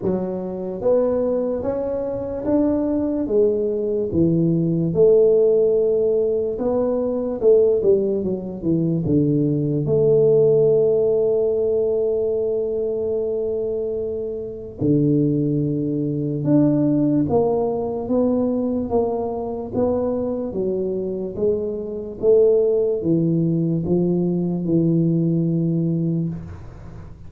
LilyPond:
\new Staff \with { instrumentName = "tuba" } { \time 4/4 \tempo 4 = 73 fis4 b4 cis'4 d'4 | gis4 e4 a2 | b4 a8 g8 fis8 e8 d4 | a1~ |
a2 d2 | d'4 ais4 b4 ais4 | b4 fis4 gis4 a4 | e4 f4 e2 | }